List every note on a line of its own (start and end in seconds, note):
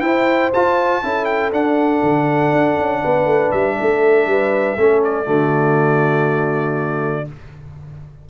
0.00 0.51 E4
0.00 0.52 E4
0.00 1.02 C5
0.00 0.50 G5
0.53 1.03 F4
0.53 1.25 A5
1.03 1.52 C#4
1.03 1.52 E4
1.03 3.01 A4
1.25 1.50 G5
1.52 2.02 D4
1.52 4.77 D4
1.52 3.51 F#5
2.02 2.52 D3
2.52 2.77 D4
2.78 3.03 C#4
3.01 3.25 B3
3.01 3.76 B4
3.25 3.50 A3
3.51 3.78 G3
3.51 5.01 E5
3.79 4.26 A3
3.79 4.29 A4
4.26 4.76 G3
4.26 4.78 B4
4.77 5.27 A3
4.77 5.25 C#4
4.77 5.26 A4
5.04 7.29 D5
5.25 7.27 D3
5.25 7.25 A3
5.25 7.26 F#4